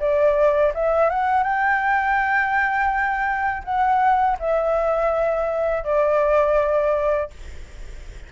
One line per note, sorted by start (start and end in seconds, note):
0.00 0.73 D5
0.75 1.10 E5
1.10 1.44 F#5
1.44 3.64 G5
3.65 4.38 F#5
4.40 5.84 E5
5.84 7.31 D5